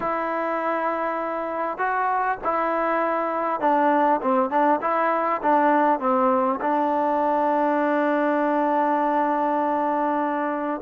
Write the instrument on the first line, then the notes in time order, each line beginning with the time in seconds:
trombone
0.00 E4
1.78 F#4
2.44 E4
3.60 D4
4.21 C4
4.49 D4
4.81 E4
5.42 D4
5.99 C4
6.60 D4